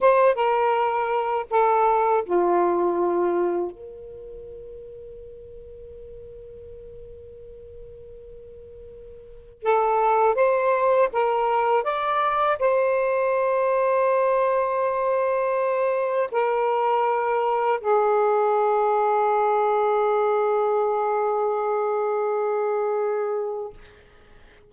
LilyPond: \new Staff \with { instrumentName = "saxophone" } { \time 4/4 \tempo 4 = 81 c''8 ais'4. a'4 f'4~ | f'4 ais'2.~ | ais'1~ | ais'4 a'4 c''4 ais'4 |
d''4 c''2.~ | c''2 ais'2 | gis'1~ | gis'1 | }